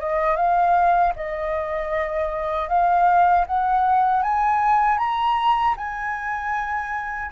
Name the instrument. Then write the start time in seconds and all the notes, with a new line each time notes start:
flute
0.00 D#5
0.37 F5
1.16 D#5
2.69 F5
3.47 F#5
4.23 G#5
4.99 A#5
5.78 G#5